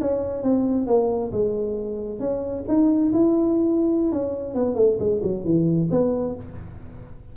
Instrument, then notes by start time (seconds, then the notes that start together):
tuba
0.00 C#4
0.43 C4
0.87 A#3
1.32 G#3
2.19 C#4
2.68 D#4
3.13 E4
4.12 C#4
4.54 B3
4.75 A3
4.99 G#3
5.23 F#3
5.44 E3
5.90 B3